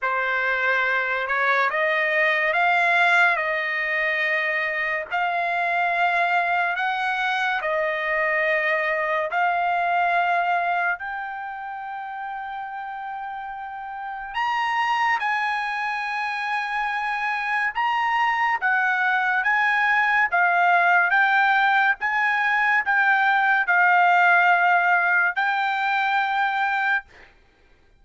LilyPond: \new Staff \with { instrumentName = "trumpet" } { \time 4/4 \tempo 4 = 71 c''4. cis''8 dis''4 f''4 | dis''2 f''2 | fis''4 dis''2 f''4~ | f''4 g''2.~ |
g''4 ais''4 gis''2~ | gis''4 ais''4 fis''4 gis''4 | f''4 g''4 gis''4 g''4 | f''2 g''2 | }